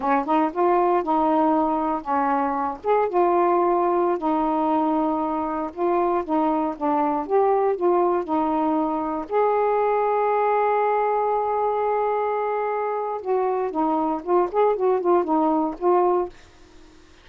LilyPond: \new Staff \with { instrumentName = "saxophone" } { \time 4/4 \tempo 4 = 118 cis'8 dis'8 f'4 dis'2 | cis'4. gis'8 f'2~ | f'16 dis'2. f'8.~ | f'16 dis'4 d'4 g'4 f'8.~ |
f'16 dis'2 gis'4.~ gis'16~ | gis'1~ | gis'2 fis'4 dis'4 | f'8 gis'8 fis'8 f'8 dis'4 f'4 | }